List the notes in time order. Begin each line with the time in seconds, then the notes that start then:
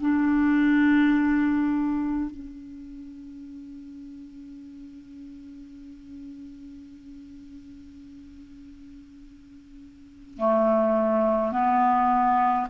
0.00 D4
2.30 C#4
10.37 A3
11.52 B3